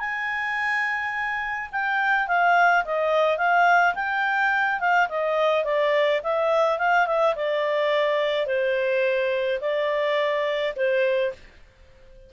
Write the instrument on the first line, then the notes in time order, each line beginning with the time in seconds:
clarinet
0.00 G#5
1.73 G5
2.28 F5
2.85 D#5
3.38 F5
3.95 G5
4.80 F5
5.09 D#5
5.65 D5
6.23 E5
6.79 F5
7.07 E5
7.36 D5
8.47 C5
9.61 D5
10.76 C5